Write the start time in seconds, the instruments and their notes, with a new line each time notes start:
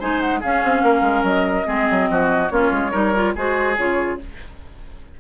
0.00 bassoon G#3, clarinet D#4, oboe C5, flute G#5
0.21 flute F#5
0.40 clarinet C#4, bassoon C#4, oboe G#4, flute F5
0.64 bassoon C4
0.83 bassoon A#3, oboe A#4
1.02 bassoon G#3
1.23 bassoon F#3, flute D#5
1.65 bassoon G#3, clarinet C4, oboe G#4
1.91 bassoon F#3
2.10 bassoon F3, oboe F#4
2.50 bassoon A#3, clarinet C#4, oboe F4, flute C#5
2.72 bassoon G#3
2.91 bassoon G3, clarinet D#4, oboe A#4
3.15 clarinet F4
3.36 bassoon G#3, clarinet F#4, oboe G#4, flute C5
3.77 bassoon C#3, clarinet F4, flute C#5